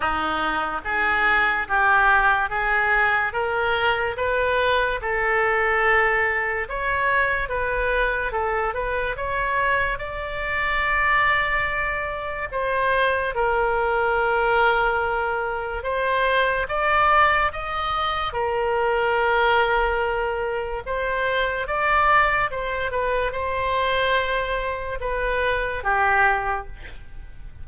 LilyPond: \new Staff \with { instrumentName = "oboe" } { \time 4/4 \tempo 4 = 72 dis'4 gis'4 g'4 gis'4 | ais'4 b'4 a'2 | cis''4 b'4 a'8 b'8 cis''4 | d''2. c''4 |
ais'2. c''4 | d''4 dis''4 ais'2~ | ais'4 c''4 d''4 c''8 b'8 | c''2 b'4 g'4 | }